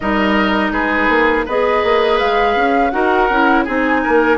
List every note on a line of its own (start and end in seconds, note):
0.00 0.71 G3
0.00 1.47 D#4
0.00 0.72 A#4
0.00 0.71 D#5
0.71 1.08 G#3
0.71 1.45 G#4
0.71 1.44 B4
1.09 1.45 A#3
1.45 1.83 B3
1.45 2.91 G#4
1.45 2.91 B4
1.45 2.18 D#5
1.83 2.20 A#3
2.18 2.56 G#3
2.18 2.90 F5
2.56 2.92 C#4
2.90 3.29 D#4
2.90 3.28 F#4
2.90 3.64 A#4
2.90 3.63 F#5
3.29 3.66 C#4
3.29 3.66 E4
3.64 4.04 C4
3.64 4.37 D#4
3.64 4.00 G#4
3.64 4.37 G#5
4.03 4.37 A#3
4.03 4.37 A#4